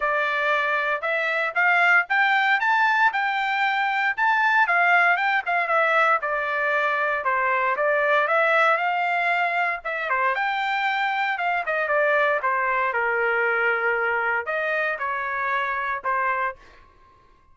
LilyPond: \new Staff \with { instrumentName = "trumpet" } { \time 4/4 \tempo 4 = 116 d''2 e''4 f''4 | g''4 a''4 g''2 | a''4 f''4 g''8 f''8 e''4 | d''2 c''4 d''4 |
e''4 f''2 e''8 c''8 | g''2 f''8 dis''8 d''4 | c''4 ais'2. | dis''4 cis''2 c''4 | }